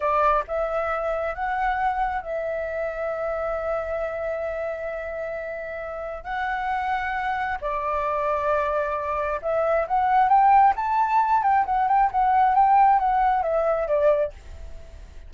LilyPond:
\new Staff \with { instrumentName = "flute" } { \time 4/4 \tempo 4 = 134 d''4 e''2 fis''4~ | fis''4 e''2.~ | e''1~ | e''2 fis''2~ |
fis''4 d''2.~ | d''4 e''4 fis''4 g''4 | a''4. g''8 fis''8 g''8 fis''4 | g''4 fis''4 e''4 d''4 | }